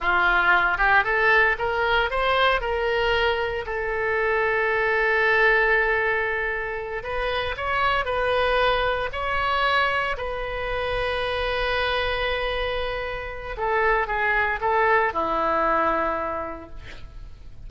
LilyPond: \new Staff \with { instrumentName = "oboe" } { \time 4/4 \tempo 4 = 115 f'4. g'8 a'4 ais'4 | c''4 ais'2 a'4~ | a'1~ | a'4. b'4 cis''4 b'8~ |
b'4. cis''2 b'8~ | b'1~ | b'2 a'4 gis'4 | a'4 e'2. | }